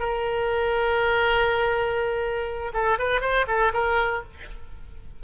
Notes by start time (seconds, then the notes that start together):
0.00 A#4
2.74 A4
2.99 B4
3.22 C5
3.48 A4
3.74 A#4